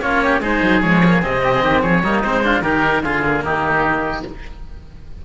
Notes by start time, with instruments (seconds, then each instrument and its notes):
0.00 cello A#3 C#4, oboe F4 C#5
0.23 oboe G4
0.40 cello G#3 D#4, oboe G#4 C5
0.62 cello F#3
0.81 cello F3 G#3, oboe C#5
1.04 cello A#3
1.22 cello C3 C4, oboe D#5
1.42 oboe G4
1.54 oboe G#4
1.62 cello D#3, oboe G4
1.81 cello F3, oboe G#4 C#5
2.03 cello G3 A#3, oboe D#4
2.22 cello G#3 C4, oboe C5
2.43 cello D4, oboe F4
2.62 cello D#3 D#4, oboe G4 A#4
3.02 cello D3 F4, oboe F4 G#4
3.22 cello A#3
3.43 cello D#3, oboe D#4 G4